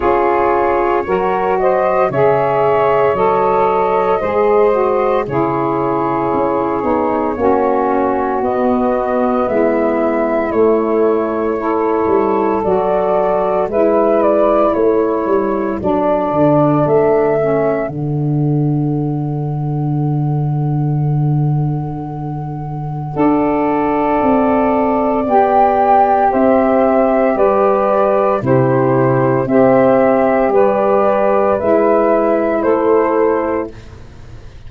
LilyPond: <<
  \new Staff \with { instrumentName = "flute" } { \time 4/4 \tempo 4 = 57 cis''4. dis''8 e''4 dis''4~ | dis''4 cis''2. | dis''4 e''4 cis''2 | d''4 e''8 d''8 cis''4 d''4 |
e''4 fis''2.~ | fis''1 | g''4 e''4 d''4 c''4 | e''4 d''4 e''4 c''4 | }
  \new Staff \with { instrumentName = "saxophone" } { \time 4/4 gis'4 ais'8 c''8 cis''2 | c''4 gis'2 fis'4~ | fis'4 e'2 a'4~ | a'4 b'4 a'2~ |
a'1~ | a'2 d''2~ | d''4 c''4 b'4 g'4 | c''4 b'2 a'4 | }
  \new Staff \with { instrumentName = "saxophone" } { \time 4/4 f'4 fis'4 gis'4 a'4 | gis'8 fis'8 e'4. dis'8 cis'4 | b2 a4 e'4 | fis'4 e'2 d'4~ |
d'8 cis'8 d'2.~ | d'2 a'2 | g'2. e'4 | g'2 e'2 | }
  \new Staff \with { instrumentName = "tuba" } { \time 4/4 cis'4 fis4 cis4 fis4 | gis4 cis4 cis'8 b8 ais4 | b4 gis4 a4. g8 | fis4 gis4 a8 g8 fis8 d8 |
a4 d2.~ | d2 d'4 c'4 | b4 c'4 g4 c4 | c'4 g4 gis4 a4 | }
>>